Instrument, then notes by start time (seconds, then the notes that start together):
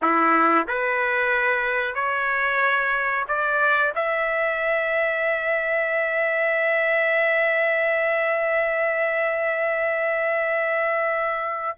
trumpet
0.02 E4
0.67 B4
1.94 C#5
3.28 D5
3.95 E5